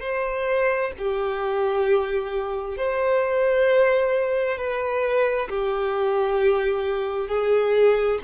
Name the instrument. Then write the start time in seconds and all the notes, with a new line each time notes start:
violin
0.00 C5
0.98 G4
2.77 C5
4.57 B4
5.49 G4
7.28 G#4